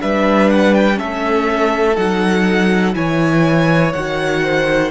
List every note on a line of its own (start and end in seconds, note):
0.00 1.00 G3
0.00 0.94 D4
0.00 0.98 B4
0.00 0.50 E5
0.50 0.74 F#5
0.74 0.99 G5
0.94 1.97 A3
0.94 1.93 C#4
0.94 2.95 A4
0.94 1.96 E5
1.96 2.95 F#3
1.96 2.93 D#4
1.96 2.95 F#5
2.93 3.94 E3
2.93 3.91 E4
2.93 4.43 C#5
2.93 3.93 G#5
3.93 4.91 D#3
3.93 4.91 F#4
3.93 4.91 F#5
4.43 4.91 C5